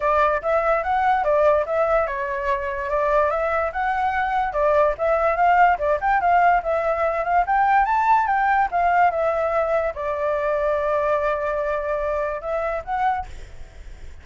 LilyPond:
\new Staff \with { instrumentName = "flute" } { \time 4/4 \tempo 4 = 145 d''4 e''4 fis''4 d''4 | e''4 cis''2 d''4 | e''4 fis''2 d''4 | e''4 f''4 d''8 g''8 f''4 |
e''4. f''8 g''4 a''4 | g''4 f''4 e''2 | d''1~ | d''2 e''4 fis''4 | }